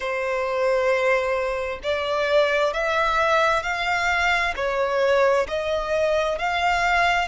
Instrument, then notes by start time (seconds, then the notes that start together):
violin
0.00 C5
1.83 D5
2.73 E5
3.62 F5
4.55 C#5
5.48 D#5
6.38 F5